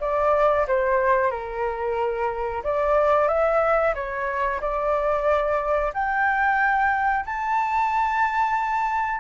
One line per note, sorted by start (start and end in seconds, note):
0.00 0.66 D5
0.67 1.31 C5
1.31 2.63 A#4
2.63 3.28 D5
3.28 3.94 E5
3.94 4.60 C#5
4.61 5.93 D5
5.93 7.25 G5
7.25 9.20 A5